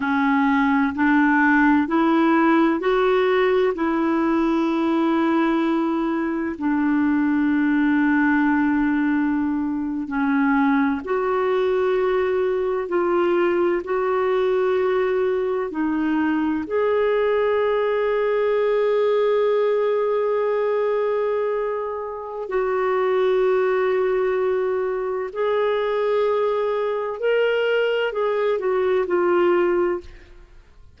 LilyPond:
\new Staff \with { instrumentName = "clarinet" } { \time 4/4 \tempo 4 = 64 cis'4 d'4 e'4 fis'4 | e'2. d'4~ | d'2~ d'8. cis'4 fis'16~ | fis'4.~ fis'16 f'4 fis'4~ fis'16~ |
fis'8. dis'4 gis'2~ gis'16~ | gis'1 | fis'2. gis'4~ | gis'4 ais'4 gis'8 fis'8 f'4 | }